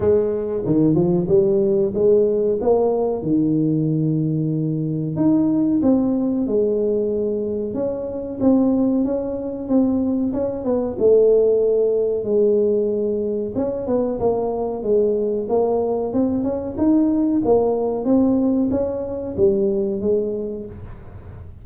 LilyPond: \new Staff \with { instrumentName = "tuba" } { \time 4/4 \tempo 4 = 93 gis4 dis8 f8 g4 gis4 | ais4 dis2. | dis'4 c'4 gis2 | cis'4 c'4 cis'4 c'4 |
cis'8 b8 a2 gis4~ | gis4 cis'8 b8 ais4 gis4 | ais4 c'8 cis'8 dis'4 ais4 | c'4 cis'4 g4 gis4 | }